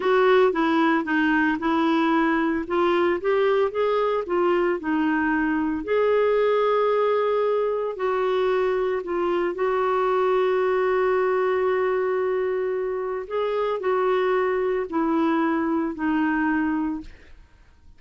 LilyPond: \new Staff \with { instrumentName = "clarinet" } { \time 4/4 \tempo 4 = 113 fis'4 e'4 dis'4 e'4~ | e'4 f'4 g'4 gis'4 | f'4 dis'2 gis'4~ | gis'2. fis'4~ |
fis'4 f'4 fis'2~ | fis'1~ | fis'4 gis'4 fis'2 | e'2 dis'2 | }